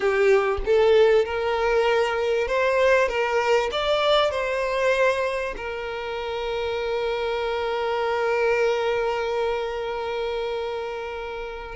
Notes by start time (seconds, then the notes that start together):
0.00 G4
0.65 A4
1.25 A#4
2.47 C5
3.08 A#4
3.71 D5
4.30 C5
5.56 A#4